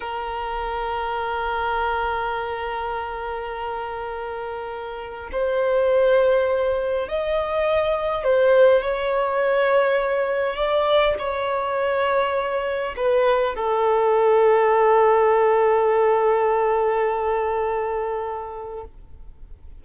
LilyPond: \new Staff \with { instrumentName = "violin" } { \time 4/4 \tempo 4 = 102 ais'1~ | ais'1~ | ais'4 c''2. | dis''2 c''4 cis''4~ |
cis''2 d''4 cis''4~ | cis''2 b'4 a'4~ | a'1~ | a'1 | }